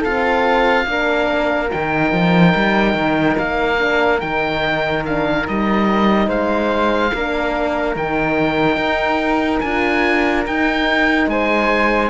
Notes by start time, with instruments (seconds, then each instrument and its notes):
0.00 horn C4, cello F4, flute A4, oboe F5
0.86 cello A#3, horn D4, flute A#4
1.72 cello D#3, horn D#4, oboe G5
2.12 cello F3
2.55 cello G3
2.94 cello D#3
3.38 cello A#3, oboe F5
3.78 horn D4
4.20 cello D#3, horn D#4, oboe G5
5.05 horn D4, oboe F5
5.44 cello G3, horn D#4, oboe D#5
6.28 cello G#3, flute C5, oboe F5
7.14 cello A#3, horn D4, flute A#4
7.95 cello D#3, horn D#4, oboe G5
8.77 cello D#4
9.60 cello D4, horn F4, oboe G#5
10.47 cello D#4, horn D#4, oboe G5
11.27 cello G#3, flute C5, oboe G#5